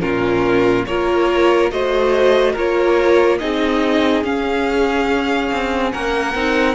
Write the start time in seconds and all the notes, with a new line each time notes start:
0.00 A#2 C#4 F4 A#4
0.86 A#3 F4 A#4 C#5
1.70 A3 F#4 C5 D#5
2.52 A#3 F4 A#4 C#5
3.38 C4 D#4 G#4 D#5
4.24 C#4 F5
5.51 C4
5.91 A#3 A#4 F#5
6.34 C4 D#4